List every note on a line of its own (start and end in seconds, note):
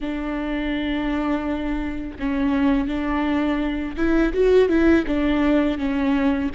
0.00 2.17 D4
2.19 2.87 C#4
2.87 3.96 D4
3.96 4.32 E4
4.33 4.68 F#4
4.68 5.04 E4
5.06 5.78 D4
5.78 6.50 C#4